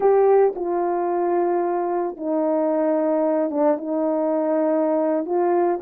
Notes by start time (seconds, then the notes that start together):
0.00 G4
0.55 F4
2.16 D#4
3.50 D4
3.77 D#4
5.25 F4